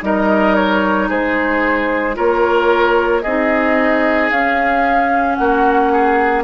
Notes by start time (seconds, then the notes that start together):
0.00 G3 D#4 A#4 D#5
0.55 C#5
1.08 G#3 G#4 C5
2.15 A#3 F4 A#4 C#5
3.23 C4 D#4 G#4 D#5
4.31 C#4 F5
5.35 A#3 F#4 F#5
5.92 G#4